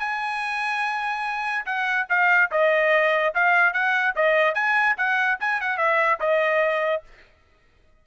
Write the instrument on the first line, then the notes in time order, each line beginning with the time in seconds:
trumpet
0.00 G#5
1.66 F#5
2.09 F5
2.51 D#5
3.35 F5
3.73 F#5
4.16 D#5
4.55 G#5
4.97 F#5
5.40 G#5
5.61 F#5
5.78 E5
6.20 D#5